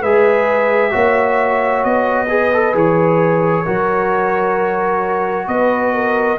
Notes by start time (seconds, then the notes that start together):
0.00 G#3 G#4 B4 E5
0.91 A#3 F#4 C#5
1.84 B3 D#5
2.29 G#4 B4
2.53 A4
2.73 E3 G#4 C#5
3.64 F#3 F#4 A#4
5.47 B3 B4 D#5
5.93 A#4